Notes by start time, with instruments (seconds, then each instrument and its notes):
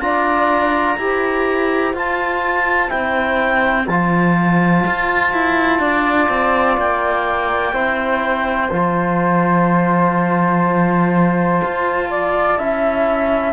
0.00 cello D4, trombone F4, flute D5, clarinet A#5
0.98 cello E4, trombone G4, flute C5
1.94 cello F4, trombone F4, clarinet A5
2.89 cello C4, trombone E4, clarinet G5
3.88 cello F3, trombone F4, clarinet A5
4.87 cello F4
5.33 cello E4
5.80 cello D4, flute D5
6.29 cello C4
6.78 cello A#3, clarinet G5
7.73 cello C4, trombone E4, flute C5
8.71 cello F3, trombone F4, clarinet A5
11.64 cello F4
12.11 flute D5
12.59 cello C#4, trombone E4, flute E5